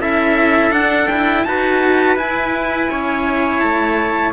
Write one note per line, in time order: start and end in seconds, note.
0.00 0.72 C#4
0.00 0.72 E4
0.00 1.46 A4
0.00 0.72 E5
0.72 1.08 D4
0.72 1.44 D4
0.72 1.08 F#5
1.08 1.47 E4
1.08 1.44 G5
1.45 2.17 D#4
1.45 2.16 F#4
1.45 2.91 B4
1.45 2.17 A5
2.16 4.33 E4
2.16 2.89 E4
2.16 3.60 G#5
2.91 3.62 C#4
2.91 4.33 C#5
3.60 4.33 A3
3.60 4.33 A5